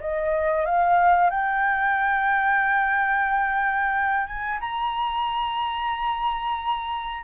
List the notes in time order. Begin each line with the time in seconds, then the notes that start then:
0.00 D#5
0.65 F5
1.30 G5
4.26 G#5
4.60 A#5